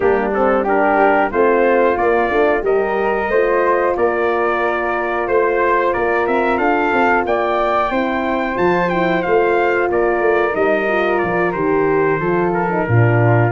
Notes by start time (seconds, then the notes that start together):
0.00 G3 A#3 D4 G4
0.33 C4 A4
0.63 D4 G4 A#4
1.30 A3 C4 F4 C5
1.97 A#3 D5
2.29 A3 D4
2.60 G3 G4 A#4 D#5
3.28 A3 F4 C5
3.96 A#3 A#4 D5
5.27 A3 C5
5.93 A#3 A#4 D5
6.26 C4 E5
6.57 D4 A4 F5
6.92 C4
7.25 A#3 D5 G5
7.90 C4 E4 C5
8.54 F3 F4 A5
8.89 E4 G5
9.22 A3 F4 F5
9.89 A#3 A#4 D5
10.20 A3
10.51 G3 D#4 D#5
10.87 F4
11.18 F3 D5
11.52 D#3 G4 C5
12.19 F3 F4 A4
12.54 A#4
12.70 D#4
12.86 A#2 D4 F4